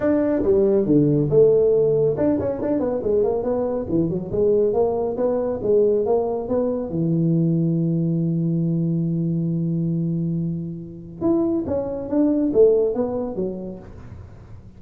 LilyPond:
\new Staff \with { instrumentName = "tuba" } { \time 4/4 \tempo 4 = 139 d'4 g4 d4 a4~ | a4 d'8 cis'8 d'8 b8 gis8 ais8 | b4 e8 fis8 gis4 ais4 | b4 gis4 ais4 b4 |
e1~ | e1~ | e2 e'4 cis'4 | d'4 a4 b4 fis4 | }